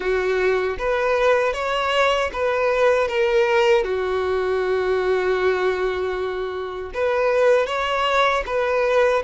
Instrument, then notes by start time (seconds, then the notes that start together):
violin
0.00 F#4
0.78 B4
1.53 C#5
2.33 B4
3.08 A#4
3.84 F#4
6.94 B4
7.66 C#5
8.45 B4